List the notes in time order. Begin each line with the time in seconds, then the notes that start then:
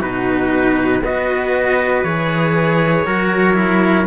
0.00 B2 D#4 F#4 B4
1.02 B3 F#4 B4 D#5
2.04 E3 G#4 C#5
3.07 F#3 F#4 A#4
3.54 E4